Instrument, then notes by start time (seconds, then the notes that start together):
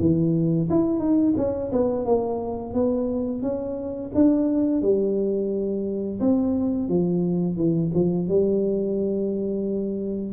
tuba
0.00 E3
0.70 E4
1.00 D#4
1.37 C#4
1.73 B3
2.06 A#3
2.74 B3
3.43 C#4
4.15 D4
4.82 G3
6.20 C4
6.89 F3
7.57 E3
7.94 F3
8.29 G3